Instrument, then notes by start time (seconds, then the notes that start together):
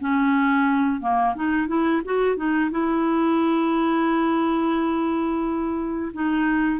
clarinet
0.00 C#4
1.00 A#3
1.35 D#4
1.67 E4
2.05 F#4
2.36 D#4
2.71 E4
6.13 D#4